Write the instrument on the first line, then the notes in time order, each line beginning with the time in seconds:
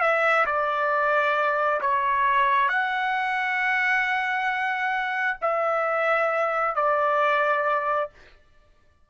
trumpet
0.00 E5
0.46 D5
1.81 C#5
2.68 F#5
5.41 E5
6.75 D5